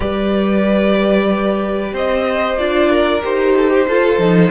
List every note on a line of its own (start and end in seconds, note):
0.00 1.92 G3
0.00 2.57 G4
0.00 1.93 B4
0.00 1.93 D5
1.93 2.57 C4
1.93 2.90 C5
1.93 2.58 D#5
2.57 3.23 D4
2.57 3.22 F4
2.57 3.23 D5
2.90 3.55 A#4
3.22 3.88 D#4
3.22 3.87 G4
3.22 4.50 C5
3.56 3.70 A4
3.70 3.86 G4
3.88 4.17 F4
3.88 4.19 F4
3.88 4.50 A4
4.17 4.50 F3
4.17 4.50 D#4